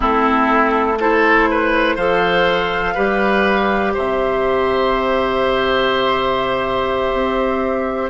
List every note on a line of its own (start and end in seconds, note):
0.00 1.96 A3
0.00 0.95 C4
0.00 0.98 E4
0.00 0.99 A4
0.99 1.98 E4
0.99 1.49 A4
0.99 1.97 C5
1.50 1.95 B4
1.95 2.95 F3
1.95 2.95 A4
1.95 2.93 C5
1.95 3.93 F5
2.94 3.94 G3
2.94 8.09 G4
2.94 3.92 B4
3.94 7.12 C3
3.94 8.09 C5
3.94 8.09 E5
7.12 8.09 C4